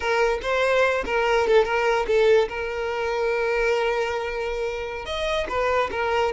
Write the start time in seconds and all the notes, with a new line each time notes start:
0.00 A#4
0.42 C5
1.05 A#4
1.47 A4
1.64 A#4
2.07 A4
2.48 A#4
5.05 D#5
5.48 B4
5.91 A#4